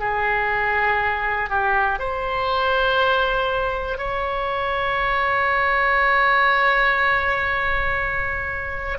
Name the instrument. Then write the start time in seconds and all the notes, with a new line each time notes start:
oboe
0.00 G#4
1.50 G4
2.00 C5
3.98 C#5